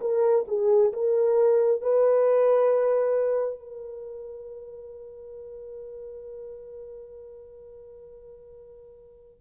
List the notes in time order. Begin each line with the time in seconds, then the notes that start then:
0.00 A#4
0.47 G#4
0.93 A#4
1.82 B4
3.59 A#4